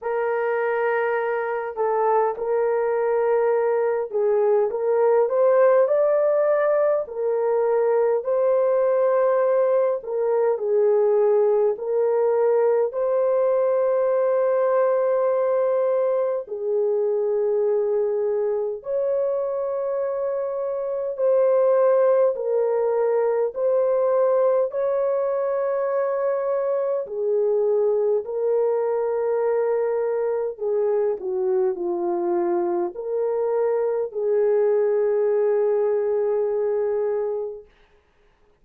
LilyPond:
\new Staff \with { instrumentName = "horn" } { \time 4/4 \tempo 4 = 51 ais'4. a'8 ais'4. gis'8 | ais'8 c''8 d''4 ais'4 c''4~ | c''8 ais'8 gis'4 ais'4 c''4~ | c''2 gis'2 |
cis''2 c''4 ais'4 | c''4 cis''2 gis'4 | ais'2 gis'8 fis'8 f'4 | ais'4 gis'2. | }